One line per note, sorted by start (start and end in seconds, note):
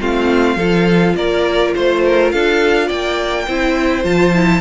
0.00 0.56 A3
0.00 0.58 C4
0.00 0.57 F4
0.00 1.16 F5
0.56 1.14 F3
0.56 3.48 F4
0.56 1.15 A4
1.16 1.73 A#3
1.16 1.75 A#4
1.16 1.73 D5
1.75 2.33 A3
1.75 2.03 C5
1.75 2.31 C5
2.04 2.33 A#4
2.31 2.90 D4
2.31 2.87 A4
2.31 2.88 F5
2.87 3.47 A#3
2.87 3.45 D5
2.87 4.04 G5
3.47 4.04 C4
3.47 4.04 E4
3.47 4.61 C5
4.04 4.61 F3
4.04 4.33 F4
4.04 4.61 A5
4.34 4.61 E4